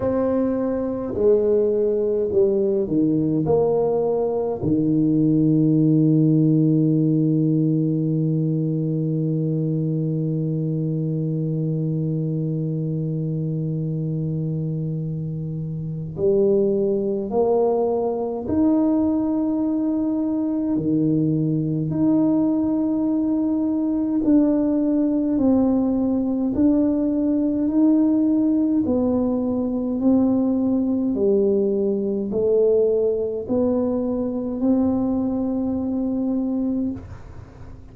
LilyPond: \new Staff \with { instrumentName = "tuba" } { \time 4/4 \tempo 4 = 52 c'4 gis4 g8 dis8 ais4 | dis1~ | dis1~ | dis2 g4 ais4 |
dis'2 dis4 dis'4~ | dis'4 d'4 c'4 d'4 | dis'4 b4 c'4 g4 | a4 b4 c'2 | }